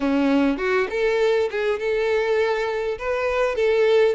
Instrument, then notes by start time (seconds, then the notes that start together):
violin
0.00 C#4
0.57 F#4
0.90 A4
1.50 G#4
1.79 A4
2.98 B4
3.55 A4